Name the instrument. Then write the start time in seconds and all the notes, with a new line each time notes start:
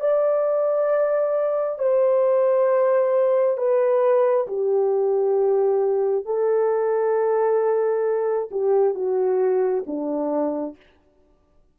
horn
0.00 D5
1.78 C5
3.57 B4
4.47 G4
6.25 A4
8.50 G4
8.94 F#4
9.86 D4